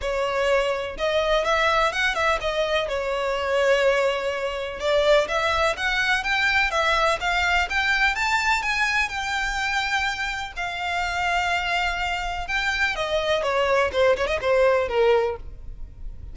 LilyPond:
\new Staff \with { instrumentName = "violin" } { \time 4/4 \tempo 4 = 125 cis''2 dis''4 e''4 | fis''8 e''8 dis''4 cis''2~ | cis''2 d''4 e''4 | fis''4 g''4 e''4 f''4 |
g''4 a''4 gis''4 g''4~ | g''2 f''2~ | f''2 g''4 dis''4 | cis''4 c''8 cis''16 dis''16 c''4 ais'4 | }